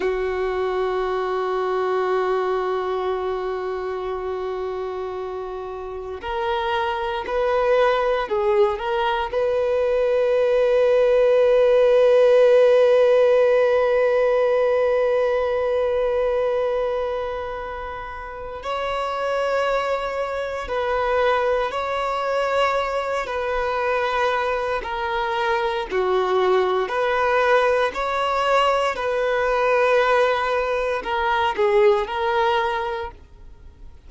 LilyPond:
\new Staff \with { instrumentName = "violin" } { \time 4/4 \tempo 4 = 58 fis'1~ | fis'2 ais'4 b'4 | gis'8 ais'8 b'2.~ | b'1~ |
b'2 cis''2 | b'4 cis''4. b'4. | ais'4 fis'4 b'4 cis''4 | b'2 ais'8 gis'8 ais'4 | }